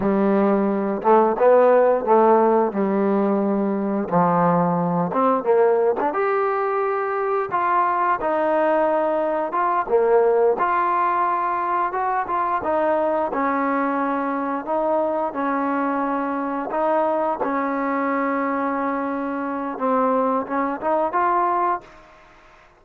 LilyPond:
\new Staff \with { instrumentName = "trombone" } { \time 4/4 \tempo 4 = 88 g4. a8 b4 a4 | g2 f4. c'8 | ais8. d'16 g'2 f'4 | dis'2 f'8 ais4 f'8~ |
f'4. fis'8 f'8 dis'4 cis'8~ | cis'4. dis'4 cis'4.~ | cis'8 dis'4 cis'2~ cis'8~ | cis'4 c'4 cis'8 dis'8 f'4 | }